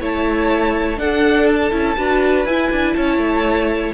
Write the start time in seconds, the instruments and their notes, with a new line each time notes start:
0.00 cello A3, viola E4, violin C#5 A5
0.97 viola D4, cello D4, violin A4 F#5
1.48 violin A5
1.71 cello C#4, viola E4
1.97 cello D4, viola F#4, violin B4
2.45 cello E4, viola E4, violin G#5
2.71 cello D4
2.93 cello C#4, violin C#5 A5
3.17 cello A3